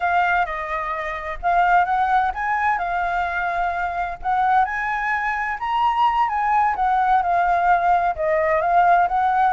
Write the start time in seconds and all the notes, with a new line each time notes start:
0.00 F5
0.45 D#5
1.42 F5
1.85 F#5
2.34 G#5
2.78 F5
4.22 F#5
4.64 G#5
5.59 A#5
6.28 G#5
6.75 F#5
7.22 F5
8.15 D#5
8.61 F5
9.08 F#5